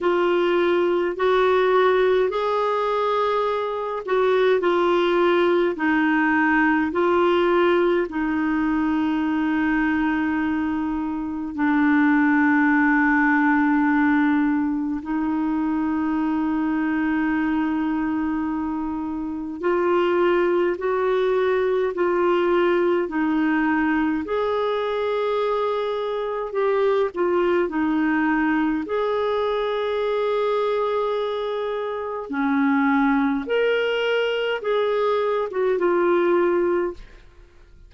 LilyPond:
\new Staff \with { instrumentName = "clarinet" } { \time 4/4 \tempo 4 = 52 f'4 fis'4 gis'4. fis'8 | f'4 dis'4 f'4 dis'4~ | dis'2 d'2~ | d'4 dis'2.~ |
dis'4 f'4 fis'4 f'4 | dis'4 gis'2 g'8 f'8 | dis'4 gis'2. | cis'4 ais'4 gis'8. fis'16 f'4 | }